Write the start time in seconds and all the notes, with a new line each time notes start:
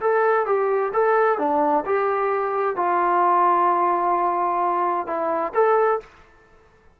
0.00 A4
0.46 G4
0.93 A4
1.38 D4
1.85 G4
2.76 F4
5.06 E4
5.53 A4